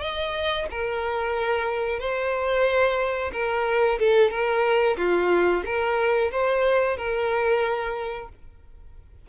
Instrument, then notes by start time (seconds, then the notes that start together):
violin
0.00 D#5
0.71 A#4
1.99 C5
3.33 A#4
3.99 A4
4.30 A#4
4.97 F4
5.65 A#4
6.31 C5
6.97 A#4